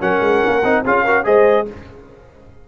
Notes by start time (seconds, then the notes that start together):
0.00 F#3 C#4 A#4 F#5
0.20 G#3
0.47 A#3
0.64 C4 D#4
0.85 C#4 F4 G#4 F5
1.04 F#4 A#4
1.24 G#3 G#4 C5 D#5